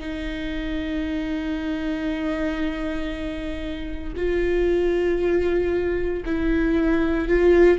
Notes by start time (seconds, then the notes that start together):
0.00 D#4
4.17 F4
6.25 E4
7.28 F4